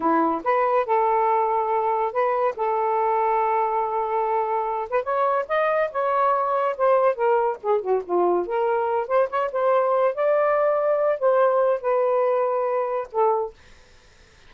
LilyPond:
\new Staff \with { instrumentName = "saxophone" } { \time 4/4 \tempo 4 = 142 e'4 b'4 a'2~ | a'4 b'4 a'2~ | a'2.~ a'8 b'8 | cis''4 dis''4 cis''2 |
c''4 ais'4 gis'8 fis'8 f'4 | ais'4. c''8 cis''8 c''4. | d''2~ d''8 c''4. | b'2. a'4 | }